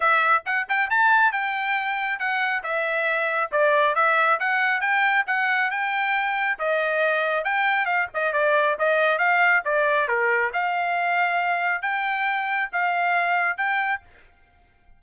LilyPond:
\new Staff \with { instrumentName = "trumpet" } { \time 4/4 \tempo 4 = 137 e''4 fis''8 g''8 a''4 g''4~ | g''4 fis''4 e''2 | d''4 e''4 fis''4 g''4 | fis''4 g''2 dis''4~ |
dis''4 g''4 f''8 dis''8 d''4 | dis''4 f''4 d''4 ais'4 | f''2. g''4~ | g''4 f''2 g''4 | }